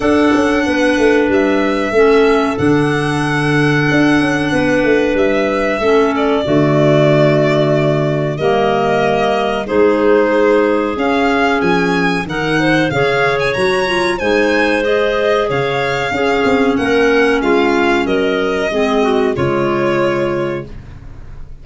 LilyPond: <<
  \new Staff \with { instrumentName = "violin" } { \time 4/4 \tempo 4 = 93 fis''2 e''2 | fis''1 | e''4. d''2~ d''8~ | d''4 dis''2 c''4~ |
c''4 f''4 gis''4 fis''4 | f''8. gis''16 ais''4 gis''4 dis''4 | f''2 fis''4 f''4 | dis''2 cis''2 | }
  \new Staff \with { instrumentName = "clarinet" } { \time 4/4 a'4 b'2 a'4~ | a'2. b'4~ | b'4 a'4 fis'2~ | fis'4 ais'2 gis'4~ |
gis'2. ais'8 c''8 | cis''2 c''2 | cis''4 gis'4 ais'4 f'4 | ais'4 gis'8 fis'8 f'2 | }
  \new Staff \with { instrumentName = "clarinet" } { \time 4/4 d'2. cis'4 | d'1~ | d'4 cis'4 a2~ | a4 ais2 dis'4~ |
dis'4 cis'2 dis'4 | gis'4 fis'8 f'8 dis'4 gis'4~ | gis'4 cis'2.~ | cis'4 c'4 gis2 | }
  \new Staff \with { instrumentName = "tuba" } { \time 4/4 d'8 cis'8 b8 a8 g4 a4 | d2 d'8 cis'8 b8 a8 | g4 a4 d2~ | d4 g2 gis4~ |
gis4 cis'4 f4 dis4 | cis4 fis4 gis2 | cis4 cis'8 c'8 ais4 gis4 | fis4 gis4 cis2 | }
>>